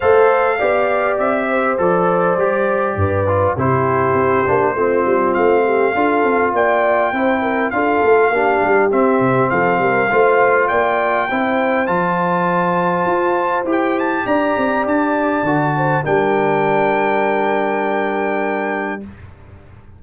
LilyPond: <<
  \new Staff \with { instrumentName = "trumpet" } { \time 4/4 \tempo 4 = 101 f''2 e''4 d''4~ | d''2 c''2~ | c''4 f''2 g''4~ | g''4 f''2 e''4 |
f''2 g''2 | a''2. g''8 a''8 | ais''4 a''2 g''4~ | g''1 | }
  \new Staff \with { instrumentName = "horn" } { \time 4/4 c''4 d''4. c''4.~ | c''4 b'4 g'2 | f'4. g'8 a'4 d''4 | c''8 ais'8 a'4 g'2 |
a'8 ais'8 c''4 d''4 c''4~ | c''1 | d''2~ d''8 c''8 ais'4~ | ais'1 | }
  \new Staff \with { instrumentName = "trombone" } { \time 4/4 a'4 g'2 a'4 | g'4. f'8 e'4. d'8 | c'2 f'2 | e'4 f'4 d'4 c'4~ |
c'4 f'2 e'4 | f'2. g'4~ | g'2 fis'4 d'4~ | d'1 | }
  \new Staff \with { instrumentName = "tuba" } { \time 4/4 a4 b4 c'4 f4 | g4 g,4 c4 c'8 ais8 | a8 g8 a4 d'8 c'8 ais4 | c'4 d'8 a8 ais8 g8 c'8 c8 |
f8 g8 a4 ais4 c'4 | f2 f'4 e'4 | d'8 c'8 d'4 d4 g4~ | g1 | }
>>